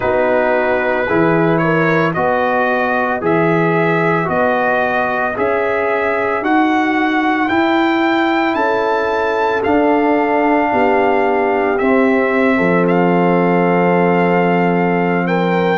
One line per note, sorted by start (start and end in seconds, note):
0.00 1.09 B3
0.00 1.06 D#4
0.00 1.06 F#4
0.00 1.58 B4
1.06 2.15 E3
1.06 2.15 E4
1.06 1.60 G#4
1.58 2.11 C#5
1.64 2.15 A#4
2.13 3.21 B3
2.13 3.21 F#4
2.13 8.55 B4
2.13 3.21 D#5
3.21 4.28 E3
3.21 4.25 G#4
3.21 4.29 E5
4.25 5.36 B3
4.25 5.32 F#4
4.25 5.36 D#5
5.36 6.41 C#4
5.36 6.43 G#4
5.36 6.44 E5
6.41 7.48 D#4
6.41 7.49 F#4
6.41 7.48 F#5
7.48 9.63 E4
7.48 8.54 E4
7.48 8.54 G5
8.54 9.61 C#4
8.54 10.69 A4
8.54 9.61 A5
9.63 11.78 D4
9.63 10.71 D4
9.63 11.78 F5
10.71 11.79 B3
10.71 12.56 G4
11.78 15.77 C4
11.78 12.58 C4
11.78 12.85 E5
12.56 15.77 F3
12.56 15.24 A4
12.87 15.27 F5
15.27 15.77 A#4
15.27 15.77 G5